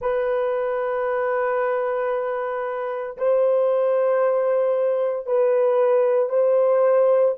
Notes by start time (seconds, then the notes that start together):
0.00 B4
3.17 C5
5.26 B4
6.29 C5